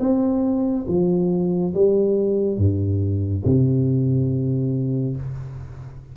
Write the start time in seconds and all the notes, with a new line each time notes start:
0.00 C4
0.88 F3
1.74 G3
2.58 G2
3.45 C3